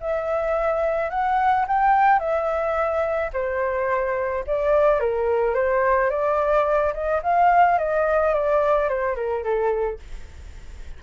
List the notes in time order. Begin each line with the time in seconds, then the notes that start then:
0.00 E5
1.10 F#5
1.67 G5
2.19 E5
3.33 C5
4.46 D5
5.00 A#4
5.54 C5
6.10 D5
6.93 D#5
7.22 F5
7.78 D#5
8.34 D5
8.88 C5
9.15 A#4
9.43 A4